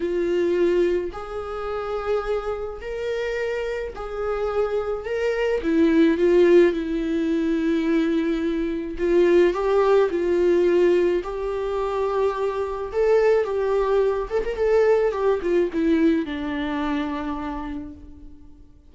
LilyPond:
\new Staff \with { instrumentName = "viola" } { \time 4/4 \tempo 4 = 107 f'2 gis'2~ | gis'4 ais'2 gis'4~ | gis'4 ais'4 e'4 f'4 | e'1 |
f'4 g'4 f'2 | g'2. a'4 | g'4. a'16 ais'16 a'4 g'8 f'8 | e'4 d'2. | }